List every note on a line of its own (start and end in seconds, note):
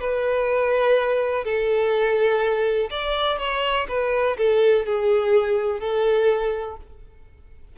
0.00 1.44 B4
1.44 2.89 A4
2.90 3.38 D5
3.38 3.87 C#5
3.88 4.36 B4
4.37 4.85 A4
4.85 5.80 G#4
5.80 6.77 A4